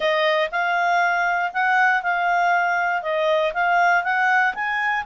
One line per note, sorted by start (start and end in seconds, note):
0.00 0.50 D#5
0.51 1.52 F5
1.53 2.02 F#5
2.02 3.02 F5
3.02 3.52 D#5
3.53 4.03 F5
4.03 4.54 F#5
4.54 5.04 G#5